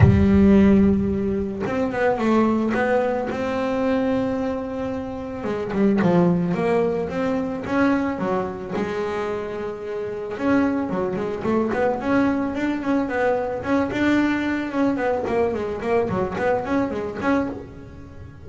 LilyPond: \new Staff \with { instrumentName = "double bass" } { \time 4/4 \tempo 4 = 110 g2. c'8 b8 | a4 b4 c'2~ | c'2 gis8 g8 f4 | ais4 c'4 cis'4 fis4 |
gis2. cis'4 | fis8 gis8 a8 b8 cis'4 d'8 cis'8 | b4 cis'8 d'4. cis'8 b8 | ais8 gis8 ais8 fis8 b8 cis'8 gis8 cis'8 | }